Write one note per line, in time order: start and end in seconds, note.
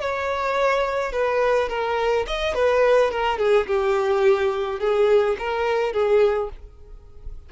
0.00 1.12 C#5
1.12 1.69 B4
1.69 2.25 A#4
2.27 2.54 D#5
2.54 3.11 B4
3.11 3.38 A#4
3.38 3.66 G#4
3.67 4.80 G4
4.80 5.36 G#4
5.39 5.93 A#4
5.93 6.49 G#4